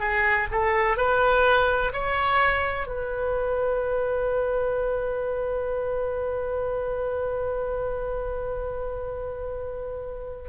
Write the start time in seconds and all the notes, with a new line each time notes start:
0.00 G#4
0.52 A4
0.97 B4
1.93 C#5
2.87 B4